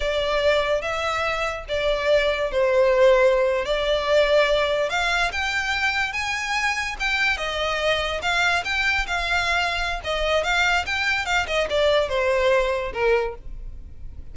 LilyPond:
\new Staff \with { instrumentName = "violin" } { \time 4/4 \tempo 4 = 144 d''2 e''2 | d''2 c''2~ | c''8. d''2. f''16~ | f''8. g''2 gis''4~ gis''16~ |
gis''8. g''4 dis''2 f''16~ | f''8. g''4 f''2~ f''16 | dis''4 f''4 g''4 f''8 dis''8 | d''4 c''2 ais'4 | }